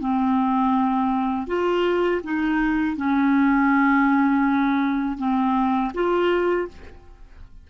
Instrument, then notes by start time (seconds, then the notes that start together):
clarinet
0.00 C4
1.47 F4
2.23 D#4
2.96 C#4
5.18 C4
5.94 F4